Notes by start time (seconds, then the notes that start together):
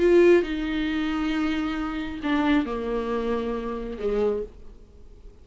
0.00 F4
0.43 D#4
2.24 D4
2.66 A#3
3.98 G#3